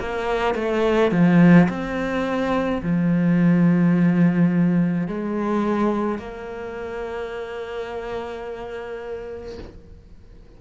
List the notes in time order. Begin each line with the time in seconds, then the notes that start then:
0.00 A#3
0.55 A3
1.12 F3
1.69 C4
2.83 F3
5.07 G#3
6.19 A#3